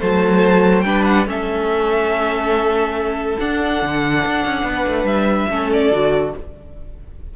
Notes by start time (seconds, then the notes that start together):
0.00 F#3 A3 C5 A5
0.81 G3 D4 B4 G5
1.05 F#5
1.26 A3 C#4 A4 E5
3.39 D4 F#5
3.82 D3
4.26 D4
4.45 C#4
4.64 B3 B4
4.88 A3
5.04 G3 E5
5.49 A3 C#4 A4
5.73 D5
5.91 D3 F#4